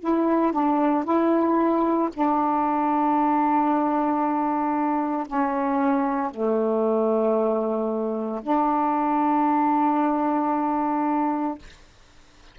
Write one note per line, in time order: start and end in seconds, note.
0.00 0.53 E4
0.53 1.04 D4
1.04 2.10 E4
2.13 5.27 D4
5.27 6.31 C#4
6.31 8.42 A3
8.43 11.58 D4